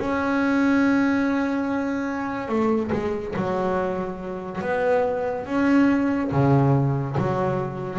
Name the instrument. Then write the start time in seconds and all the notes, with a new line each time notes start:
double bass
0.00 C#4
2.49 A3
2.92 G#3
3.36 F#3
4.62 B3
5.46 C#4
6.32 C#3
7.18 F#3